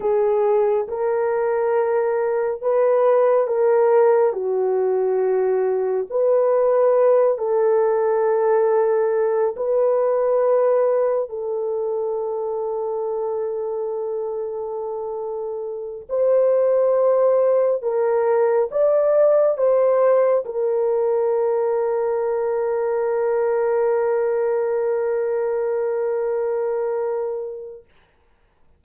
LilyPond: \new Staff \with { instrumentName = "horn" } { \time 4/4 \tempo 4 = 69 gis'4 ais'2 b'4 | ais'4 fis'2 b'4~ | b'8 a'2~ a'8 b'4~ | b'4 a'2.~ |
a'2~ a'8 c''4.~ | c''8 ais'4 d''4 c''4 ais'8~ | ais'1~ | ais'1 | }